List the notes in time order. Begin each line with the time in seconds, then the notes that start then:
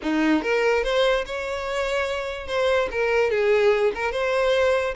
0.02 D#4
0.42 A#4
0.83 C5
1.26 C#5
2.47 C5
2.91 A#4
3.30 G#4
3.94 A#4
4.11 C5